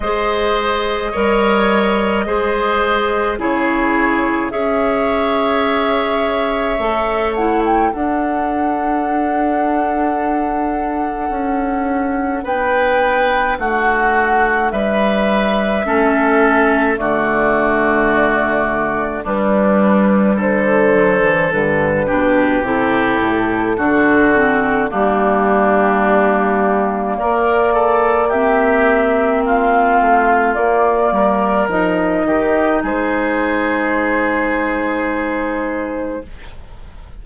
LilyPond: <<
  \new Staff \with { instrumentName = "flute" } { \time 4/4 \tempo 4 = 53 dis''2. cis''4 | e''2~ e''8 fis''16 g''16 fis''4~ | fis''2. g''4 | fis''4 e''2 d''4~ |
d''4 b'4 c''4 b'4 | a'2 g'2 | d''4 e''4 f''4 d''4 | dis''4 c''2. | }
  \new Staff \with { instrumentName = "oboe" } { \time 4/4 c''4 cis''4 c''4 gis'4 | cis''2. a'4~ | a'2. b'4 | fis'4 b'4 a'4 fis'4~ |
fis'4 d'4 a'4. g'8~ | g'4 fis'4 d'2 | ais'8 a'8 g'4 f'4. ais'8~ | ais'8 g'8 gis'2. | }
  \new Staff \with { instrumentName = "clarinet" } { \time 4/4 gis'4 ais'4 gis'4 e'4 | gis'2 a'8 e'8 d'4~ | d'1~ | d'2 cis'4 a4~ |
a4 g4. fis16 e16 d8 d'8 | e'4 d'8 c'8 ais2~ | ais4 c'2 ais4 | dis'1 | }
  \new Staff \with { instrumentName = "bassoon" } { \time 4/4 gis4 g4 gis4 cis4 | cis'2 a4 d'4~ | d'2 cis'4 b4 | a4 g4 a4 d4~ |
d4 g4 d4 g,8 b,8 | c8 a,8 d4 g2 | ais2~ ais8 a8 ais8 g8 | f8 dis8 gis2. | }
>>